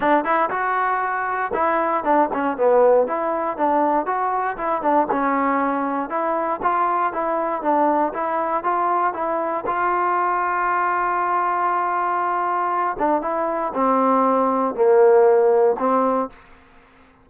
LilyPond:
\new Staff \with { instrumentName = "trombone" } { \time 4/4 \tempo 4 = 118 d'8 e'8 fis'2 e'4 | d'8 cis'8 b4 e'4 d'4 | fis'4 e'8 d'8 cis'2 | e'4 f'4 e'4 d'4 |
e'4 f'4 e'4 f'4~ | f'1~ | f'4. d'8 e'4 c'4~ | c'4 ais2 c'4 | }